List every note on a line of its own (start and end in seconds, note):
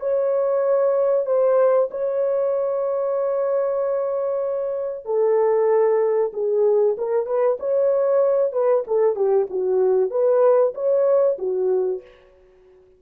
0.00 1.26 C#5
1.26 1.89 C5
1.91 5.05 C#5
5.05 6.31 A4
6.33 6.96 G#4
6.98 7.26 A#4
7.26 7.58 B4
7.60 8.52 C#5
8.52 8.84 B4
8.87 9.16 A4
9.16 9.47 G4
9.50 10.11 F#4
10.11 10.74 B4
10.75 11.38 C#5
11.38 12.01 F#4